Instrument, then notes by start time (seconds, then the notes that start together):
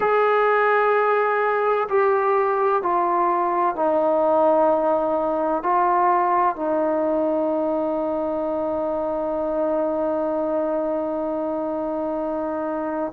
trombone
0.00 G#4
1.88 G4
2.82 F4
3.75 D#4
5.62 F4
6.56 D#4